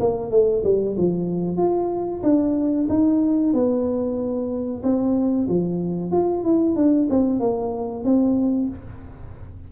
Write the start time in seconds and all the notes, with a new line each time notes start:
0.00 A#3
0.31 A3
0.64 G3
0.98 F3
1.57 F4
2.23 D4
2.89 D#4
3.53 B3
4.83 C4
5.49 F3
6.12 F4
6.44 E4
6.76 D4
7.10 C4
7.40 A#3
8.04 C4